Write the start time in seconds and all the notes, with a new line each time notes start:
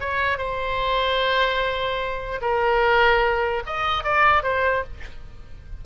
0.00 C#5
0.38 C5
2.41 A#4
3.66 D#5
4.04 D5
4.43 C5